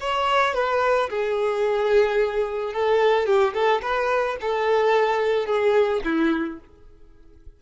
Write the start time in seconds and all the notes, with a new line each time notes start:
0.00 C#5
0.54 B4
1.10 G#4
2.73 A4
3.26 G4
3.54 A4
3.82 B4
4.41 A4
5.46 G#4
6.04 E4